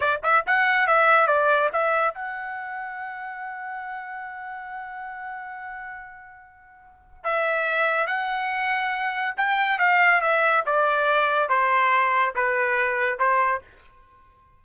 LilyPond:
\new Staff \with { instrumentName = "trumpet" } { \time 4/4 \tempo 4 = 141 d''8 e''8 fis''4 e''4 d''4 | e''4 fis''2.~ | fis''1~ | fis''1~ |
fis''4 e''2 fis''4~ | fis''2 g''4 f''4 | e''4 d''2 c''4~ | c''4 b'2 c''4 | }